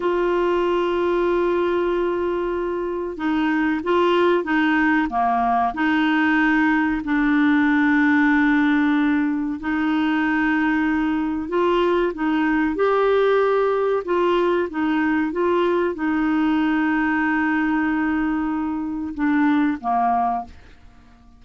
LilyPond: \new Staff \with { instrumentName = "clarinet" } { \time 4/4 \tempo 4 = 94 f'1~ | f'4 dis'4 f'4 dis'4 | ais4 dis'2 d'4~ | d'2. dis'4~ |
dis'2 f'4 dis'4 | g'2 f'4 dis'4 | f'4 dis'2.~ | dis'2 d'4 ais4 | }